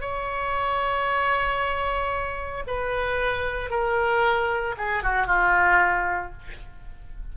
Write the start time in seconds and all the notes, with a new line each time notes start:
0.00 C#5
2.67 B4
3.70 A#4
4.77 G#4
5.03 F#4
5.26 F4